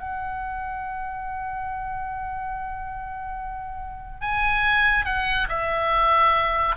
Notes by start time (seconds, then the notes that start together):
0.00 F#5
4.21 G#5
5.05 F#5
5.49 E5